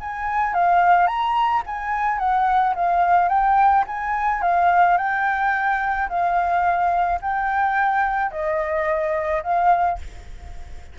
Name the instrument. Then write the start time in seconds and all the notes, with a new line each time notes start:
flute
0.00 G#5
0.54 F5
1.07 A#5
1.66 G#5
2.19 F#5
2.75 F5
3.29 G5
3.87 G#5
4.42 F5
4.97 G5
6.09 F5
7.22 G5
8.31 D#5
9.43 F5